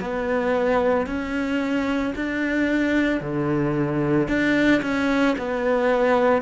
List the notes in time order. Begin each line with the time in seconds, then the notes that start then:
0.00 B3
1.07 C#4
2.16 D4
3.21 D3
4.28 D4
4.82 C#4
5.38 B3